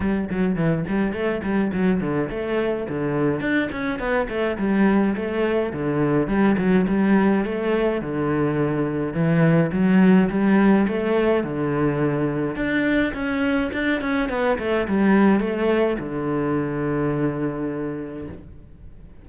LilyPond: \new Staff \with { instrumentName = "cello" } { \time 4/4 \tempo 4 = 105 g8 fis8 e8 g8 a8 g8 fis8 d8 | a4 d4 d'8 cis'8 b8 a8 | g4 a4 d4 g8 fis8 | g4 a4 d2 |
e4 fis4 g4 a4 | d2 d'4 cis'4 | d'8 cis'8 b8 a8 g4 a4 | d1 | }